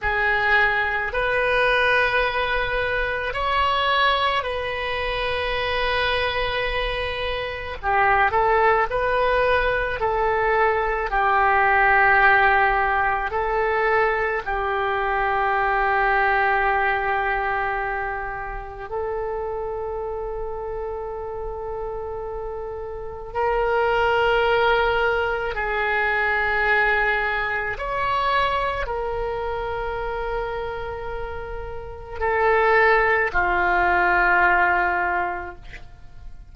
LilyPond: \new Staff \with { instrumentName = "oboe" } { \time 4/4 \tempo 4 = 54 gis'4 b'2 cis''4 | b'2. g'8 a'8 | b'4 a'4 g'2 | a'4 g'2.~ |
g'4 a'2.~ | a'4 ais'2 gis'4~ | gis'4 cis''4 ais'2~ | ais'4 a'4 f'2 | }